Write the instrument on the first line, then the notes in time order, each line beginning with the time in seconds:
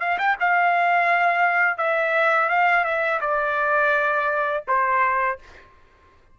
trumpet
0.00 F5
0.19 G5
0.40 F5
1.78 E5
2.49 F5
2.84 E5
3.21 D5
4.68 C5